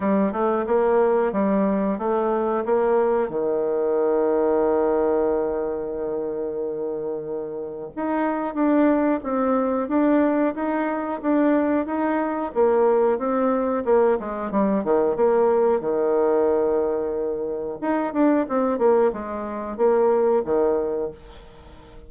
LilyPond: \new Staff \with { instrumentName = "bassoon" } { \time 4/4 \tempo 4 = 91 g8 a8 ais4 g4 a4 | ais4 dis2.~ | dis1 | dis'4 d'4 c'4 d'4 |
dis'4 d'4 dis'4 ais4 | c'4 ais8 gis8 g8 dis8 ais4 | dis2. dis'8 d'8 | c'8 ais8 gis4 ais4 dis4 | }